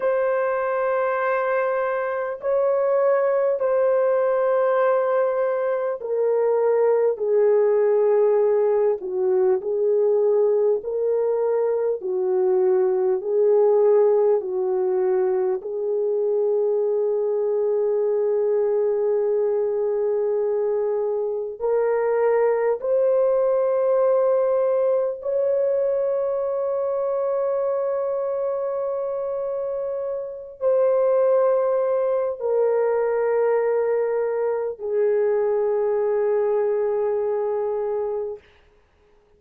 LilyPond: \new Staff \with { instrumentName = "horn" } { \time 4/4 \tempo 4 = 50 c''2 cis''4 c''4~ | c''4 ais'4 gis'4. fis'8 | gis'4 ais'4 fis'4 gis'4 | fis'4 gis'2.~ |
gis'2 ais'4 c''4~ | c''4 cis''2.~ | cis''4. c''4. ais'4~ | ais'4 gis'2. | }